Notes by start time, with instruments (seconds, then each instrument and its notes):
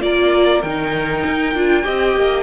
0.00 cello A#3, viola F4, violin A#4 D5
0.61 cello D#3, viola D#4, violin G5
1.25 cello D#4
1.54 cello D4, viola F4
1.82 cello C4, viola G4, violin D#5
2.16 cello A#3